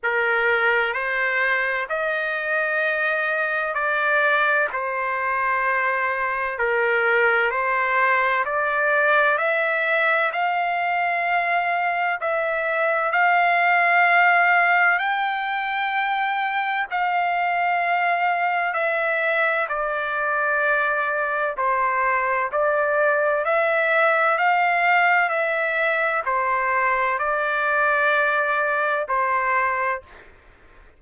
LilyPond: \new Staff \with { instrumentName = "trumpet" } { \time 4/4 \tempo 4 = 64 ais'4 c''4 dis''2 | d''4 c''2 ais'4 | c''4 d''4 e''4 f''4~ | f''4 e''4 f''2 |
g''2 f''2 | e''4 d''2 c''4 | d''4 e''4 f''4 e''4 | c''4 d''2 c''4 | }